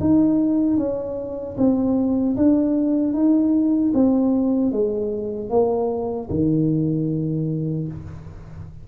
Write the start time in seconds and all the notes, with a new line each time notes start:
0.00 D#4
0.77 C#4
1.57 C4
2.36 D4
3.13 D#4
3.93 C4
4.72 G#3
5.49 A#3
6.29 D#3